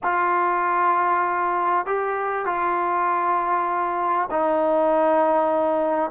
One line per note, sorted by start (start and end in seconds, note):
0.03 1.86 F4
1.86 2.45 G4
2.45 4.29 F4
4.30 6.11 D#4